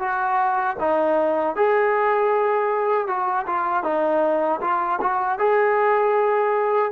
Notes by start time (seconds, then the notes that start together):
0.00 F#4
0.80 D#4
1.56 G#4
3.08 F#4
3.47 F4
3.84 D#4
4.61 F4
5.02 F#4
5.39 G#4